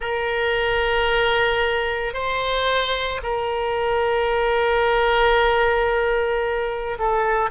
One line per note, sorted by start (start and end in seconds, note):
0.00 2.13 A#4
2.13 3.20 C5
3.22 6.97 A#4
6.98 7.50 A4